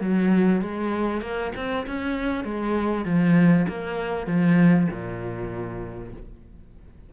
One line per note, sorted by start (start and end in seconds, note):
0.00 0.61 F#3
0.61 1.21 G#3
1.21 1.51 A#3
1.55 1.86 C4
1.86 2.44 C#4
2.44 3.05 G#3
3.05 3.66 F3
3.68 4.26 A#3
4.26 4.88 F3
4.90 6.13 A#2